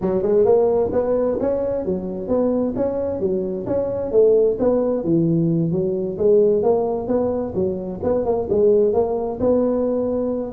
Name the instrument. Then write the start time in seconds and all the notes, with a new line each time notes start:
tuba
0.01 F#3
0.22 G#3
0.45 A#3
0.92 B3
1.40 C#4
1.85 F#3
2.28 B3
2.75 C#4
3.20 F#3
3.66 C#4
4.11 A3
4.59 B3
5.04 E3
5.71 F#3
6.17 G#3
6.63 A#3
7.07 B3
7.54 F#3
8.03 B3
8.25 A#3
8.49 G#3
8.93 A#3
9.40 B3